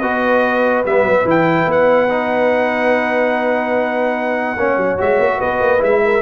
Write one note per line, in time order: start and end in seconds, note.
0.00 0.85 B3
0.00 0.84 F#4
0.00 4.56 B4
0.00 0.83 D#5
0.85 1.02 G3
0.85 1.25 B3
0.85 1.27 E5
1.02 1.23 F#3
1.24 1.66 E3
1.24 2.08 E4
1.24 1.71 G5
1.66 4.56 B3
1.66 5.00 F#5
2.08 4.56 D#4
4.56 4.76 A#3
4.56 4.97 C#4
4.56 5.38 C#5
4.76 4.97 F#3
4.97 5.18 G#3
4.97 5.78 F#4
4.97 5.41 E5
5.18 5.39 A#3
5.38 5.60 B3
5.38 6.00 B4
5.38 5.82 D#5
5.60 5.81 A#3
5.78 6.21 G#3
5.78 6.19 E4
5.78 6.21 E5
6.04 6.21 A#4